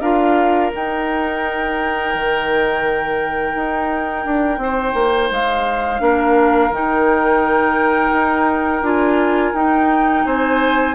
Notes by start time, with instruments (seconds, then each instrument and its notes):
0.00 bassoon D4, clarinet F4, oboe A#4, flute F5
0.71 clarinet D#4, bassoon D#4, flute G5
2.14 bassoon D#3
3.55 bassoon D#4
4.25 bassoon D4
4.57 bassoon C4, oboe C5
4.94 bassoon A#3
5.30 bassoon G#3, flute F5
5.99 bassoon A#3, clarinet D4, oboe A#4
6.70 bassoon D#3, clarinet D#4, flute G5
8.12 bassoon D#4
8.81 bassoon D4, clarinet F4, flute G#5
9.54 bassoon D#4, clarinet D#4, flute G5
10.25 bassoon C4, oboe C5, flute G#5